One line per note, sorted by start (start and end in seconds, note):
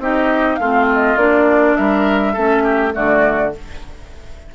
0.00 0.59 C4
0.00 0.60 D#4
0.00 0.60 G4
0.00 0.56 D#5
0.56 1.17 A3
0.56 1.18 C4
0.56 1.78 F4
0.56 0.85 F5
0.94 1.18 D#5
1.17 1.76 A#3
1.17 2.36 D4
1.17 1.77 D5
1.77 2.37 G3
1.77 2.33 A#4
1.77 2.94 E5
2.33 2.96 A3
2.33 2.93 C#4
2.33 2.63 A4
2.64 2.93 G4
2.93 3.55 D3
2.93 3.51 A3
2.93 3.54 F#4
2.93 3.55 D5